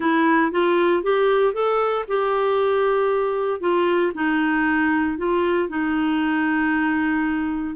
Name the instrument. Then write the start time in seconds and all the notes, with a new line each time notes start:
clarinet
0.00 E4
0.51 F4
1.03 G4
1.53 A4
2.08 G4
3.60 F4
4.14 D#4
5.17 F4
5.68 D#4